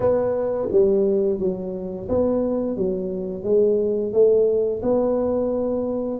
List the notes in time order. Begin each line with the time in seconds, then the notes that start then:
0.00 B3
0.71 G3
1.39 F#3
2.08 B3
2.76 F#3
3.43 G#3
4.12 A3
4.82 B3